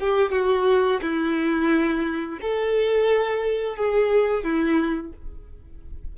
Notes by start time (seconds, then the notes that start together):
0.00 G4
0.32 F#4
1.02 E4
2.41 A4
3.76 G#4
4.44 E4